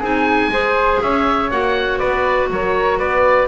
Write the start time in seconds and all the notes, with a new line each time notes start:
0.00 C4 D#4 G#4 G#5
0.48 G#3 G#4 C5
1.02 C#4 C#5 E5
1.51 A#3 F#4 F#5
1.99 B3 B4 D5
2.50 F#3 A#4 C#5
2.99 B3 B4 D5